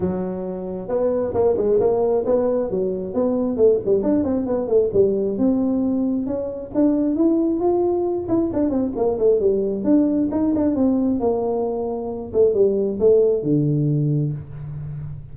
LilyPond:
\new Staff \with { instrumentName = "tuba" } { \time 4/4 \tempo 4 = 134 fis2 b4 ais8 gis8 | ais4 b4 fis4 b4 | a8 g8 d'8 c'8 b8 a8 g4 | c'2 cis'4 d'4 |
e'4 f'4. e'8 d'8 c'8 | ais8 a8 g4 d'4 dis'8 d'8 | c'4 ais2~ ais8 a8 | g4 a4 d2 | }